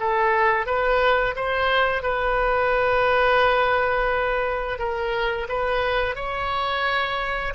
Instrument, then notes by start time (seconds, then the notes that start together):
oboe
0.00 A4
0.66 B4
1.36 C5
2.03 B4
4.79 A#4
5.49 B4
6.16 C#5